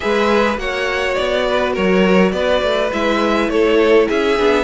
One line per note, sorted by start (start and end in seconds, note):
0.00 0.57 G#3
0.00 0.56 G#4
0.00 0.60 B4
0.00 0.58 E5
0.57 1.15 A#3
0.57 2.91 F#4
0.57 1.47 C#5
0.57 1.14 F#5
1.14 1.76 B3
1.14 1.72 D5
1.48 1.73 B4
1.73 2.32 F#3
1.73 2.31 A#4
1.73 2.32 C#5
2.32 2.62 B3
2.32 3.51 B4
2.32 2.90 D5
2.62 2.91 A3
2.92 3.48 G#3
2.92 4.38 E4
2.92 3.49 E5
3.48 4.07 A3
3.48 4.08 A4
3.48 4.08 C#5
4.08 4.39 C#4
4.08 4.63 G#4
4.08 4.63 E5
4.38 4.63 B3
4.38 4.63 D4